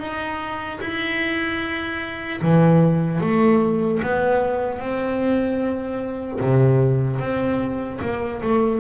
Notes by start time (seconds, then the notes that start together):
0.00 D#4
0.81 E4
2.42 E3
3.21 A3
4.03 B3
4.80 C4
6.41 C3
7.20 C4
8.02 A#3
8.42 A3